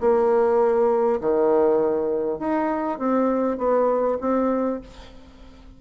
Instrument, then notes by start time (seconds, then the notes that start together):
bassoon
0.00 A#3
1.20 D#3
2.39 D#4
2.99 C4
3.58 B3
4.21 C4